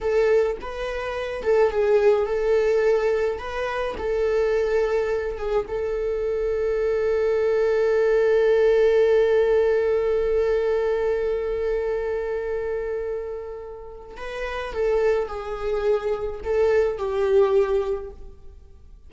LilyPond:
\new Staff \with { instrumentName = "viola" } { \time 4/4 \tempo 4 = 106 a'4 b'4. a'8 gis'4 | a'2 b'4 a'4~ | a'4. gis'8 a'2~ | a'1~ |
a'1~ | a'1~ | a'4 b'4 a'4 gis'4~ | gis'4 a'4 g'2 | }